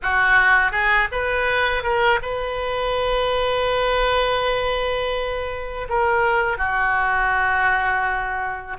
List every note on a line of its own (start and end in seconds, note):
0.02 0.71 F#4
0.71 1.08 G#4
1.11 1.83 B4
1.83 2.19 A#4
2.22 5.87 B4
5.89 6.57 A#4
6.57 8.77 F#4